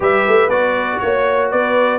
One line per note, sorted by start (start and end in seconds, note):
0.00 0.24 G3
0.00 0.49 G4
0.00 0.98 B4
0.00 0.49 E5
0.27 0.48 A3
0.48 0.98 B3
0.48 1.99 F#4
0.48 0.99 D5
0.99 1.52 A#3
0.99 1.49 C#5
0.99 1.51 C#5
1.51 1.99 B3
1.51 1.99 B4
1.51 1.99 D5